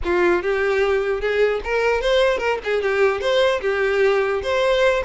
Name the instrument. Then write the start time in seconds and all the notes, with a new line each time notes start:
violin
0.04 F4
0.42 G4
1.20 G#4
1.64 A#4
2.01 C5
2.38 A#4
2.64 G#4
2.82 G4
3.20 C5
3.61 G4
4.42 C5